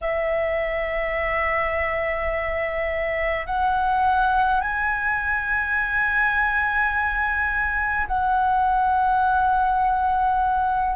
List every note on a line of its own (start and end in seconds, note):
0.01 3.46 E5
3.46 4.60 F#5
4.60 8.07 G#5
8.07 10.95 F#5